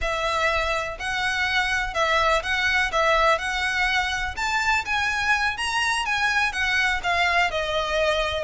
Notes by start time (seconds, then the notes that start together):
0.01 E5
0.99 F#5
1.94 E5
2.43 F#5
2.91 E5
3.38 F#5
4.36 A5
4.85 G#5
5.57 A#5
6.05 G#5
6.52 F#5
7.03 F5
7.50 D#5